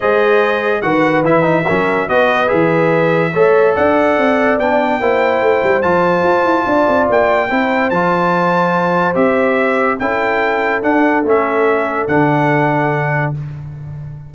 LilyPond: <<
  \new Staff \with { instrumentName = "trumpet" } { \time 4/4 \tempo 4 = 144 dis''2 fis''4 e''4~ | e''4 dis''4 e''2~ | e''4 fis''2 g''4~ | g''2 a''2~ |
a''4 g''2 a''4~ | a''2 e''2 | g''2 fis''4 e''4~ | e''4 fis''2. | }
  \new Staff \with { instrumentName = "horn" } { \time 4/4 c''2 b'2 | ais'4 b'2. | cis''4 d''2. | c''1 |
d''2 c''2~ | c''1 | a'1~ | a'1 | }
  \new Staff \with { instrumentName = "trombone" } { \time 4/4 gis'2 fis'4 e'8 dis'8 | cis'4 fis'4 gis'2 | a'2. d'4 | e'2 f'2~ |
f'2 e'4 f'4~ | f'2 g'2 | e'2 d'4 cis'4~ | cis'4 d'2. | }
  \new Staff \with { instrumentName = "tuba" } { \time 4/4 gis2 dis4 e4 | fis4 b4 e2 | a4 d'4 c'4 b4 | ais4 a8 g8 f4 f'8 e'8 |
d'8 c'8 ais4 c'4 f4~ | f2 c'2 | cis'2 d'4 a4~ | a4 d2. | }
>>